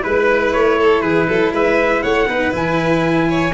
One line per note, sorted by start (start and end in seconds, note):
0.00 0.55 G#3
0.00 2.25 E4
0.00 0.53 B4
0.00 0.79 B4
0.53 1.02 A3
0.53 1.01 C#5
0.79 1.02 A4
1.01 1.27 E3
1.01 1.27 G#4
1.01 1.51 B4
1.28 1.52 F#3
1.28 1.53 A4
1.52 2.02 G#3
1.52 2.03 B4
1.52 2.02 E5
2.02 2.27 A3
2.02 2.28 C#5
2.02 2.52 F#5
2.27 2.52 B3
2.27 2.52 D#4
2.27 3.28 B4
2.52 3.54 E3
2.52 3.52 E4
2.52 3.54 G#5
3.29 3.54 C#5